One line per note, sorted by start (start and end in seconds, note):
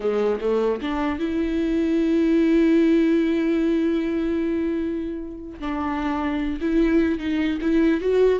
0.00 0.39 G#3
0.40 0.80 A3
0.81 1.19 D4
1.19 5.59 E4
5.59 6.59 D4
6.61 7.18 E4
7.18 7.58 D#4
7.61 8.00 E4
8.00 8.39 F#4